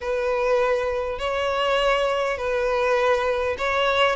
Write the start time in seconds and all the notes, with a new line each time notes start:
0.00 B4
1.19 C#5
2.37 B4
3.58 C#5